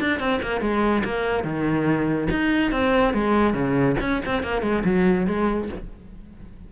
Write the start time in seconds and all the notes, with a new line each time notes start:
0.00 D4
0.20 C4
0.42 A#3
0.61 G#3
1.04 A#3
1.44 D#3
2.30 D#4
2.72 C4
3.14 G#3
3.54 C#3
4.00 C#4
4.26 C4
4.43 A#3
4.62 G#3
4.85 F#3
5.27 G#3